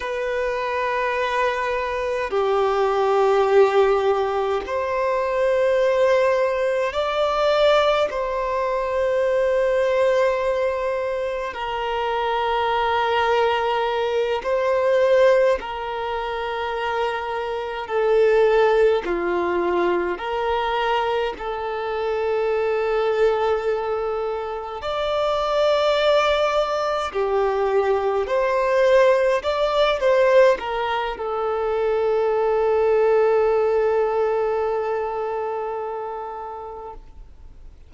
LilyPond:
\new Staff \with { instrumentName = "violin" } { \time 4/4 \tempo 4 = 52 b'2 g'2 | c''2 d''4 c''4~ | c''2 ais'2~ | ais'8 c''4 ais'2 a'8~ |
a'8 f'4 ais'4 a'4.~ | a'4. d''2 g'8~ | g'8 c''4 d''8 c''8 ais'8 a'4~ | a'1 | }